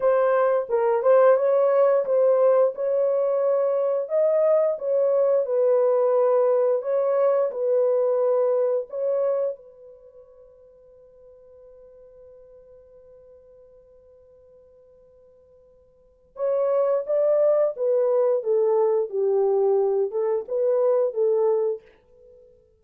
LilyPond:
\new Staff \with { instrumentName = "horn" } { \time 4/4 \tempo 4 = 88 c''4 ais'8 c''8 cis''4 c''4 | cis''2 dis''4 cis''4 | b'2 cis''4 b'4~ | b'4 cis''4 b'2~ |
b'1~ | b'1 | cis''4 d''4 b'4 a'4 | g'4. a'8 b'4 a'4 | }